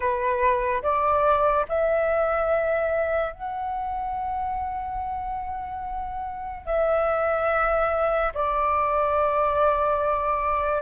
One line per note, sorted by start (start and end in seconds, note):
0.00 0.82 B4
0.82 1.65 D5
1.68 3.32 E5
3.32 6.66 F#5
6.66 8.33 E5
8.33 10.82 D5